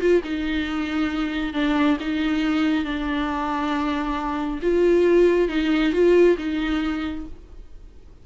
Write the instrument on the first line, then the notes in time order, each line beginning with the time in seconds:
viola
0.00 F4
0.23 D#4
1.53 D4
2.00 D#4
2.84 D4
4.62 F4
5.48 D#4
5.92 F4
6.37 D#4